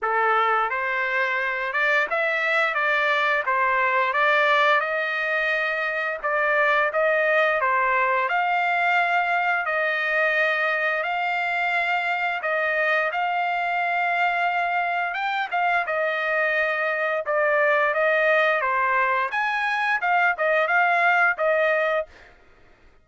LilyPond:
\new Staff \with { instrumentName = "trumpet" } { \time 4/4 \tempo 4 = 87 a'4 c''4. d''8 e''4 | d''4 c''4 d''4 dis''4~ | dis''4 d''4 dis''4 c''4 | f''2 dis''2 |
f''2 dis''4 f''4~ | f''2 g''8 f''8 dis''4~ | dis''4 d''4 dis''4 c''4 | gis''4 f''8 dis''8 f''4 dis''4 | }